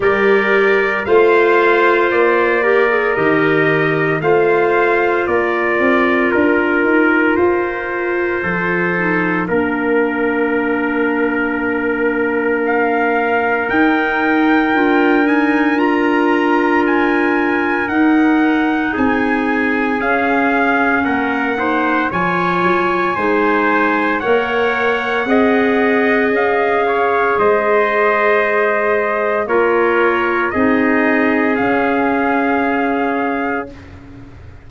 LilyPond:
<<
  \new Staff \with { instrumentName = "trumpet" } { \time 4/4 \tempo 4 = 57 d''4 f''4 d''4 dis''4 | f''4 d''4 ais'4 c''4~ | c''4 ais'2. | f''4 g''4. gis''8 ais''4 |
gis''4 fis''4 gis''4 f''4 | fis''4 gis''2 fis''4~ | fis''4 f''4 dis''2 | cis''4 dis''4 f''2 | }
  \new Staff \with { instrumentName = "trumpet" } { \time 4/4 ais'4 c''4. ais'4. | c''4 ais'2. | a'4 ais'2.~ | ais'1~ |
ais'2 gis'2 | ais'8 c''8 cis''4 c''4 cis''4 | dis''4. cis''8 c''2 | ais'4 gis'2. | }
  \new Staff \with { instrumentName = "clarinet" } { \time 4/4 g'4 f'4. g'16 gis'16 g'4 | f'1~ | f'8 dis'8 d'2.~ | d'4 dis'4 f'8 dis'8 f'4~ |
f'4 dis'2 cis'4~ | cis'8 dis'8 f'4 dis'4 ais'4 | gis'1 | f'4 dis'4 cis'2 | }
  \new Staff \with { instrumentName = "tuba" } { \time 4/4 g4 a4 ais4 dis4 | a4 ais8 c'8 d'8 dis'8 f'4 | f4 ais2.~ | ais4 dis'4 d'2~ |
d'4 dis'4 c'4 cis'4 | ais4 f8 fis8 gis4 ais4 | c'4 cis'4 gis2 | ais4 c'4 cis'2 | }
>>